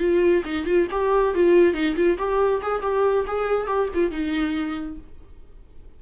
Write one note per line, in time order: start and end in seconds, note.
0.00 0.43 F4
0.45 0.66 D#4
0.66 0.88 F4
0.92 1.35 G4
1.35 1.74 F4
1.74 1.96 D#4
1.96 2.18 F4
2.19 2.62 G4
2.63 2.82 G#4
2.82 3.26 G4
3.28 3.67 G#4
3.67 3.89 G4
3.95 4.11 F4
4.11 4.98 D#4